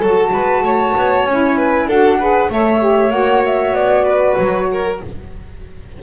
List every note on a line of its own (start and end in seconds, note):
0.00 0.34 F#3
0.00 1.29 F#4
0.00 0.31 A4
0.00 1.26 A5
0.33 0.62 G#3
0.33 0.64 B4
0.62 0.93 A3
0.62 1.58 C#5
0.97 1.25 B3
1.25 1.86 C#4
1.25 1.91 E4
1.25 1.88 G#5
1.58 1.88 B4
1.86 2.48 D4
1.86 2.20 F#4
1.86 2.19 A4
1.86 2.51 F#5
2.20 2.51 G#4
2.20 2.51 B4
2.50 3.11 A3
2.50 2.80 A4
2.50 4.04 C#5
2.50 3.11 E5
2.80 3.11 G4
3.11 3.72 A#3
3.11 4.97 F#4
3.11 3.42 F#5
3.46 3.75 E5
3.72 4.34 B3
3.72 4.37 D5
4.04 4.66 B4
4.37 5.01 F#3
4.37 4.99 C#5
4.72 5.03 A#4